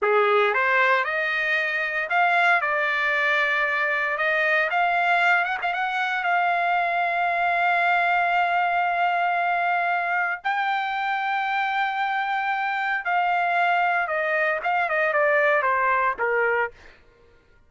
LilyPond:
\new Staff \with { instrumentName = "trumpet" } { \time 4/4 \tempo 4 = 115 gis'4 c''4 dis''2 | f''4 d''2. | dis''4 f''4. fis''16 f''16 fis''4 | f''1~ |
f''1 | g''1~ | g''4 f''2 dis''4 | f''8 dis''8 d''4 c''4 ais'4 | }